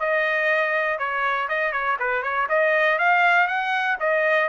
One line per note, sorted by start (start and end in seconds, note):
0.00 0.99 D#5
0.99 1.49 C#5
1.49 1.72 D#5
1.72 1.97 C#5
2.00 2.23 B4
2.23 2.48 C#5
2.49 2.99 D#5
2.99 3.48 F5
3.48 3.97 F#5
4.00 4.49 D#5